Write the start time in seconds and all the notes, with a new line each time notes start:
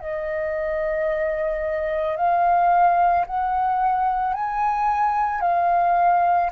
0.00 D#5
2.17 F5
3.27 F#5
4.34 G#5
5.41 F5